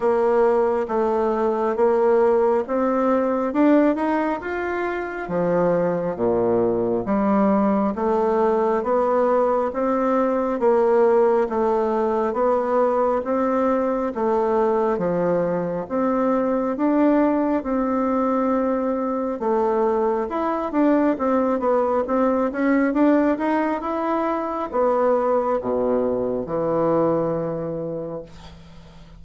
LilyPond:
\new Staff \with { instrumentName = "bassoon" } { \time 4/4 \tempo 4 = 68 ais4 a4 ais4 c'4 | d'8 dis'8 f'4 f4 ais,4 | g4 a4 b4 c'4 | ais4 a4 b4 c'4 |
a4 f4 c'4 d'4 | c'2 a4 e'8 d'8 | c'8 b8 c'8 cis'8 d'8 dis'8 e'4 | b4 b,4 e2 | }